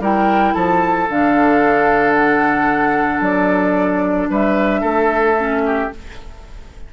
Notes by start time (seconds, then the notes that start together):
0.00 G3 E4 A#4 G5
0.54 F3 A4 A5
1.08 D3 D4 F5
2.14 F#5
3.21 F#3 D5
4.30 G3 B4 E5
4.81 A3 A4
5.37 C#4
5.66 G4